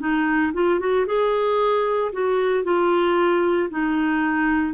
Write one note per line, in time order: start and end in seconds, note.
0.00 0.53 D#4
0.54 0.80 F4
0.80 1.06 F#4
1.07 2.12 G#4
2.12 2.65 F#4
2.65 3.70 F4
3.70 4.74 D#4